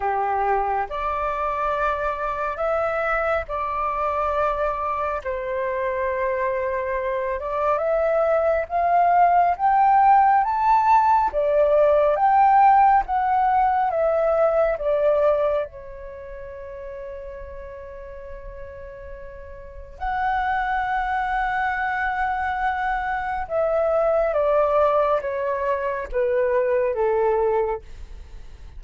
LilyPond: \new Staff \with { instrumentName = "flute" } { \time 4/4 \tempo 4 = 69 g'4 d''2 e''4 | d''2 c''2~ | c''8 d''8 e''4 f''4 g''4 | a''4 d''4 g''4 fis''4 |
e''4 d''4 cis''2~ | cis''2. fis''4~ | fis''2. e''4 | d''4 cis''4 b'4 a'4 | }